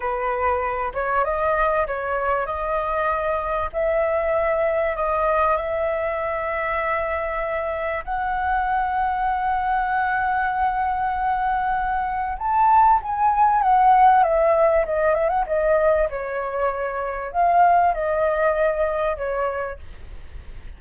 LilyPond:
\new Staff \with { instrumentName = "flute" } { \time 4/4 \tempo 4 = 97 b'4. cis''8 dis''4 cis''4 | dis''2 e''2 | dis''4 e''2.~ | e''4 fis''2.~ |
fis''1 | a''4 gis''4 fis''4 e''4 | dis''8 e''16 fis''16 dis''4 cis''2 | f''4 dis''2 cis''4 | }